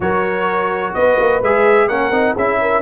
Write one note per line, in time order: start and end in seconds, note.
0.00 0.94 F#3
0.00 1.42 F#4
0.00 0.96 A#4
0.00 0.94 C#5
0.94 1.19 B3
0.94 1.87 B4
0.94 1.41 D#5
1.19 1.41 A#3
1.41 1.88 G#3
1.41 1.90 G#4
1.41 1.88 E5
1.87 2.10 A#3
1.87 2.12 C#4
1.87 2.33 A#4
1.87 2.35 F#5
2.10 2.34 C4
2.10 2.35 D#4
2.33 2.81 C#4
2.33 2.81 E4
2.33 2.57 G#4
2.33 2.81 E5
2.61 2.81 A#4